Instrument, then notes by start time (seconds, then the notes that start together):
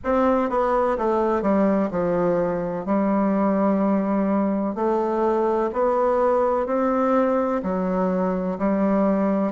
bassoon
0.04 C4
0.49 B3
0.98 A3
1.42 G3
1.90 F3
2.85 G3
4.74 A3
5.72 B3
6.66 C4
7.62 F#3
8.58 G3